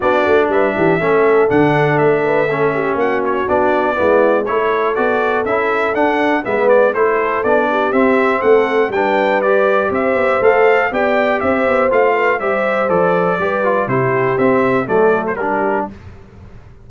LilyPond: <<
  \new Staff \with { instrumentName = "trumpet" } { \time 4/4 \tempo 4 = 121 d''4 e''2 fis''4 | e''2 fis''8 cis''8 d''4~ | d''4 cis''4 d''4 e''4 | fis''4 e''8 d''8 c''4 d''4 |
e''4 fis''4 g''4 d''4 | e''4 f''4 g''4 e''4 | f''4 e''4 d''2 | c''4 e''4 d''8. c''16 ais'4 | }
  \new Staff \with { instrumentName = "horn" } { \time 4/4 fis'4 b'8 g'8 a'2~ | a'8 b'8 a'8 g'8 fis'2 | e'4 a'2.~ | a'4 b'4 a'4. g'8~ |
g'4 a'4 b'2 | c''2 d''4 c''4~ | c''8 b'8 c''2 b'4 | g'2 a'4 g'4 | }
  \new Staff \with { instrumentName = "trombone" } { \time 4/4 d'2 cis'4 d'4~ | d'4 cis'2 d'4 | b4 e'4 fis'4 e'4 | d'4 b4 e'4 d'4 |
c'2 d'4 g'4~ | g'4 a'4 g'2 | f'4 g'4 a'4 g'8 f'8 | e'4 c'4 a4 d'4 | }
  \new Staff \with { instrumentName = "tuba" } { \time 4/4 b8 a8 g8 e8 a4 d4 | a2 ais4 b4 | gis4 a4 b4 cis'4 | d'4 gis4 a4 b4 |
c'4 a4 g2 | c'8 b8 a4 b4 c'8 b8 | a4 g4 f4 g4 | c4 c'4 fis4 g4 | }
>>